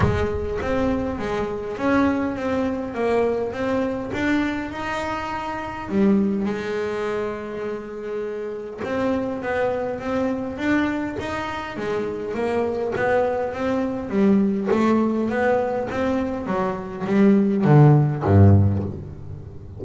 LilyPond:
\new Staff \with { instrumentName = "double bass" } { \time 4/4 \tempo 4 = 102 gis4 c'4 gis4 cis'4 | c'4 ais4 c'4 d'4 | dis'2 g4 gis4~ | gis2. c'4 |
b4 c'4 d'4 dis'4 | gis4 ais4 b4 c'4 | g4 a4 b4 c'4 | fis4 g4 d4 g,4 | }